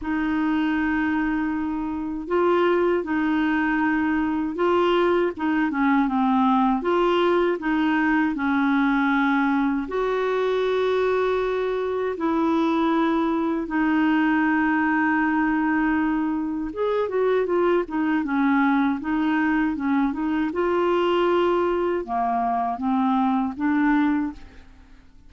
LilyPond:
\new Staff \with { instrumentName = "clarinet" } { \time 4/4 \tempo 4 = 79 dis'2. f'4 | dis'2 f'4 dis'8 cis'8 | c'4 f'4 dis'4 cis'4~ | cis'4 fis'2. |
e'2 dis'2~ | dis'2 gis'8 fis'8 f'8 dis'8 | cis'4 dis'4 cis'8 dis'8 f'4~ | f'4 ais4 c'4 d'4 | }